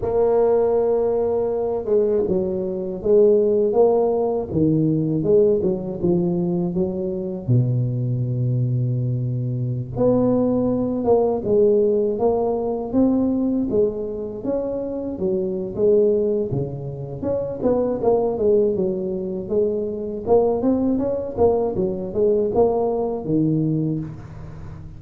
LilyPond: \new Staff \with { instrumentName = "tuba" } { \time 4/4 \tempo 4 = 80 ais2~ ais8 gis8 fis4 | gis4 ais4 dis4 gis8 fis8 | f4 fis4 b,2~ | b,4~ b,16 b4. ais8 gis8.~ |
gis16 ais4 c'4 gis4 cis'8.~ | cis'16 fis8. gis4 cis4 cis'8 b8 | ais8 gis8 fis4 gis4 ais8 c'8 | cis'8 ais8 fis8 gis8 ais4 dis4 | }